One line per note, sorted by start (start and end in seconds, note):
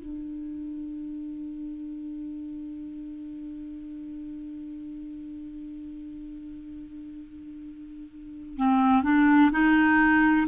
0.00 8.57 D4
8.57 9.03 C4
9.03 9.51 D4
9.52 10.47 D#4